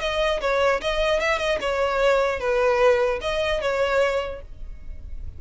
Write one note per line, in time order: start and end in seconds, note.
0.00 0.40 D#5
0.40 0.80 C#5
0.81 1.19 D#5
1.19 1.38 E5
1.38 1.58 D#5
1.61 2.39 C#5
2.39 3.19 B4
3.21 3.61 D#5
3.61 4.41 C#5